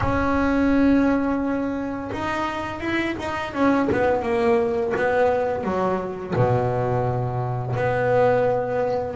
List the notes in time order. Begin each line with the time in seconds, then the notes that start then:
0.00 C#4
2.12 D#4
2.80 E4
3.19 D#4
3.53 C#4
3.92 B3
4.22 A#3
4.96 B3
5.63 F#3
6.35 B2
7.76 B3